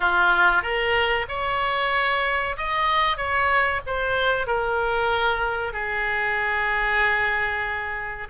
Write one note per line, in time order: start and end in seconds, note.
0.00 0.62 F4
0.62 1.26 A#4
1.28 2.56 C#5
2.57 3.17 D#5
3.17 3.80 C#5
3.86 4.46 C5
4.46 5.72 A#4
5.72 8.28 G#4